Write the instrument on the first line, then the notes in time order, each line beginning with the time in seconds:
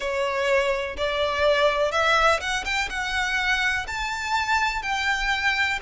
violin
0.00 C#5
0.96 D5
1.91 E5
2.40 F#5
2.64 G5
2.89 F#5
3.87 A5
4.82 G5